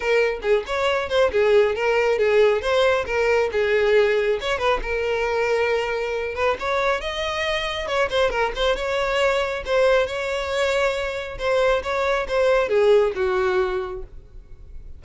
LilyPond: \new Staff \with { instrumentName = "violin" } { \time 4/4 \tempo 4 = 137 ais'4 gis'8 cis''4 c''8 gis'4 | ais'4 gis'4 c''4 ais'4 | gis'2 cis''8 b'8 ais'4~ | ais'2~ ais'8 b'8 cis''4 |
dis''2 cis''8 c''8 ais'8 c''8 | cis''2 c''4 cis''4~ | cis''2 c''4 cis''4 | c''4 gis'4 fis'2 | }